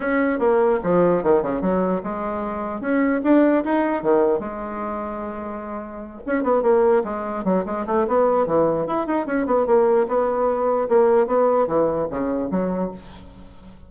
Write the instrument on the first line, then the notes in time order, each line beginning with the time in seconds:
bassoon
0.00 C#4
0.39 A#3
0.83 F3
1.23 D#3
1.42 C#3
1.61 F#3
2.03 G#3
2.80 C#4
3.23 D4
3.64 D#4
4.02 D#3
4.39 G#3
6.26 C#4
6.43 B3
6.62 A#3
7.04 G#3
7.44 F#3
7.65 G#3
7.86 A3
8.07 B3
8.46 E3
8.86 E4
9.06 D#4
9.26 C#4
9.46 B3
9.66 A#3
10.08 B3
10.89 A#3
11.27 B3
11.67 E3
12.10 C#3
12.51 F#3